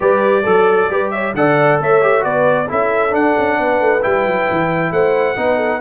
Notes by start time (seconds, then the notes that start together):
0.00 G3 G4 B4 D5
0.43 F#3 A4
0.89 G3 G4 B4
1.11 C#5 E5
1.34 D3 A4 D5 F#5
1.80 A3 C#5 E5
2.01 G4
2.20 B3 F#4 B4 D5
2.68 C#4 E4 A4 E5
3.10 D4 F#5
3.37 C#4
3.59 B3 B4
3.80 A3
4.01 G3 E4 G5
4.26 F#3
4.50 E3
4.91 A3 C5 F#5
5.36 B3 D#4 B4
5.56 A4